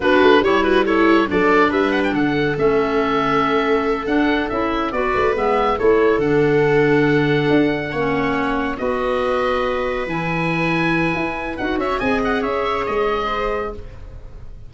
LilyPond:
<<
  \new Staff \with { instrumentName = "oboe" } { \time 4/4 \tempo 4 = 140 b'4 cis''8 b'8 cis''4 d''4 | e''8 fis''16 g''16 fis''4 e''2~ | e''4. fis''4 e''4 d''8~ | d''8 e''4 cis''4 fis''4.~ |
fis''1~ | fis''8 dis''2. gis''8~ | gis''2. fis''8 e''8 | gis''8 fis''8 e''4 dis''2 | }
  \new Staff \with { instrumentName = "viola" } { \time 4/4 fis'4 g'8 fis'8 e'4 a'4 | b'4 a'2.~ | a'2.~ a'8 b'8~ | b'4. a'2~ a'8~ |
a'2~ a'8 cis''4.~ | cis''8 b'2.~ b'8~ | b'2.~ b'8 cis''8 | dis''4 cis''2 c''4 | }
  \new Staff \with { instrumentName = "clarinet" } { \time 4/4 d'4 e'4 a'4 d'4~ | d'2 cis'2~ | cis'4. d'4 e'4 fis'8~ | fis'8 b4 e'4 d'4.~ |
d'2~ d'8 cis'4.~ | cis'8 fis'2. e'8~ | e'2. fis'4 | gis'1 | }
  \new Staff \with { instrumentName = "tuba" } { \time 4/4 b8 a8 g2 fis4 | g4 d4 a2~ | a4. d'4 cis'4 b8 | a8 gis4 a4 d4.~ |
d4. d'4 ais4.~ | ais8 b2. e8~ | e2 e'4 dis'8 cis'8 | c'4 cis'4 gis2 | }
>>